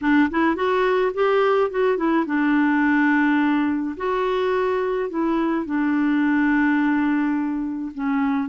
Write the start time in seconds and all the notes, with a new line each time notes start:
0.01 D4
0.30 E4
0.55 F#4
1.13 G4
1.70 F#4
1.97 E4
2.26 D4
3.96 F#4
5.09 E4
5.65 D4
7.94 C#4